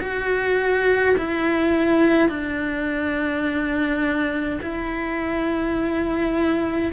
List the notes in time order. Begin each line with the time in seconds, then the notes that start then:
0.00 F#4
1.18 E4
2.29 D4
4.62 E4